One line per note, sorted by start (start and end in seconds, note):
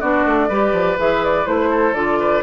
0.00 0.25 B3
0.00 0.50 D4
0.00 0.49 F#4
0.00 0.98 D5
0.25 0.50 A3
0.49 0.73 G3
0.49 0.98 G4
0.49 1.71 B4
0.73 0.97 F3
0.98 1.47 E3
0.98 1.45 G#4
0.98 1.24 E5
1.24 1.46 D5
1.45 1.94 A3
1.45 1.94 E4
1.45 1.94 C5
1.71 2.19 A4
1.94 2.43 D3
1.94 2.43 F4
1.94 2.43 D5
2.20 2.43 B4